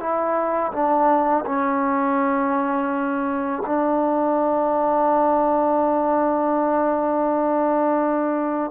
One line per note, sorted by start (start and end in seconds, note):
0.00 0.72 E4
0.73 1.45 D4
1.46 3.63 C#4
3.67 8.71 D4